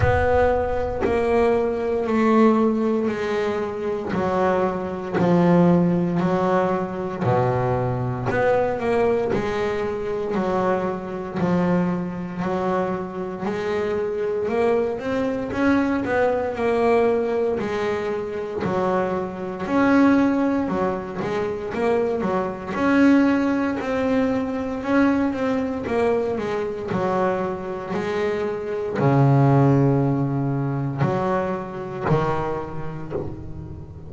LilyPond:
\new Staff \with { instrumentName = "double bass" } { \time 4/4 \tempo 4 = 58 b4 ais4 a4 gis4 | fis4 f4 fis4 b,4 | b8 ais8 gis4 fis4 f4 | fis4 gis4 ais8 c'8 cis'8 b8 |
ais4 gis4 fis4 cis'4 | fis8 gis8 ais8 fis8 cis'4 c'4 | cis'8 c'8 ais8 gis8 fis4 gis4 | cis2 fis4 dis4 | }